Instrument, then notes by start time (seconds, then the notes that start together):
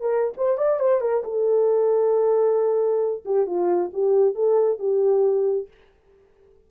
horn
0.00 A#4
0.37 C5
0.57 D5
0.79 C5
1.01 A#4
1.24 A4
3.25 G4
3.46 F4
3.93 G4
4.34 A4
4.78 G4